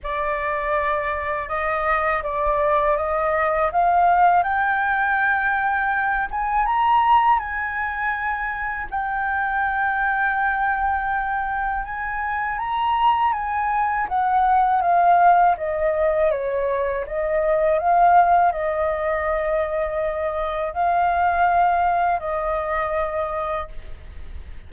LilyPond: \new Staff \with { instrumentName = "flute" } { \time 4/4 \tempo 4 = 81 d''2 dis''4 d''4 | dis''4 f''4 g''2~ | g''8 gis''8 ais''4 gis''2 | g''1 |
gis''4 ais''4 gis''4 fis''4 | f''4 dis''4 cis''4 dis''4 | f''4 dis''2. | f''2 dis''2 | }